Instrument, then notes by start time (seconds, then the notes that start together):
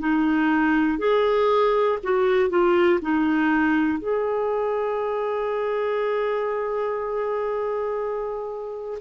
clarinet
0.00 D#4
0.99 G#4
2.03 F#4
2.50 F4
3.02 D#4
3.98 G#4